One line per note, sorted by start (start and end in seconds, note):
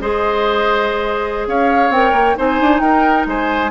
0.00 1.47 G#3
0.00 1.93 G#4
0.00 1.48 C5
0.00 1.47 D#5
1.47 1.89 C#4
1.47 2.37 C#5
1.47 1.92 F5
1.89 2.12 C4
1.89 2.36 A#4
1.89 2.37 G5
2.12 2.34 A#3
2.36 2.60 C4
2.36 3.71 D#4
2.36 2.81 C5
2.36 2.80 G#5
2.60 2.79 D4
2.79 3.24 D#4
2.79 3.26 A#4
2.79 3.25 G5
3.26 3.71 G#3
3.26 3.71 C5
3.26 3.71 G#5